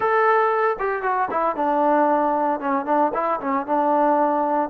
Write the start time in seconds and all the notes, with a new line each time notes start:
0.00 A4
0.79 G4
1.02 F#4
1.30 E4
1.56 D4
2.59 C#4
2.85 D4
3.14 E4
3.40 C#4
3.66 D4